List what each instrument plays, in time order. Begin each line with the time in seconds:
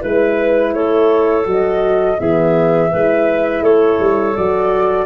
0.00 tuba G#3, horn E4, clarinet B4, flute B4
0.74 tuba A3, clarinet A4, flute C#5
1.44 tuba F#3, horn F#4, flute D#5
2.19 tuba E3, horn B3, clarinet G#4, flute E5
2.90 tuba G#3, horn E4, clarinet B4
3.62 tuba A3, clarinet A4, flute C#5
4.00 tuba G3
4.36 tuba F#3, horn F#4, flute D5